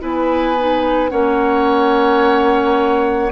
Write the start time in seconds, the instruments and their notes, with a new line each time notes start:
0.00 bassoon B3, clarinet E4, oboe B4, flute G#5
0.58 clarinet D#4
1.09 bassoon A#3, clarinet C#4, oboe C#5, flute F#5